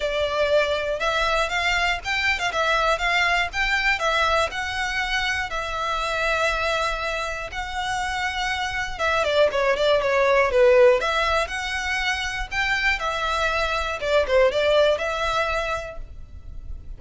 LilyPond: \new Staff \with { instrumentName = "violin" } { \time 4/4 \tempo 4 = 120 d''2 e''4 f''4 | g''8. f''16 e''4 f''4 g''4 | e''4 fis''2 e''4~ | e''2. fis''4~ |
fis''2 e''8 d''8 cis''8 d''8 | cis''4 b'4 e''4 fis''4~ | fis''4 g''4 e''2 | d''8 c''8 d''4 e''2 | }